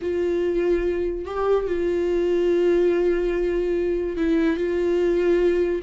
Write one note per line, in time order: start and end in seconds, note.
0.01 1.25 F4
1.25 1.66 G4
1.66 4.16 F4
4.16 4.57 E4
4.57 5.82 F4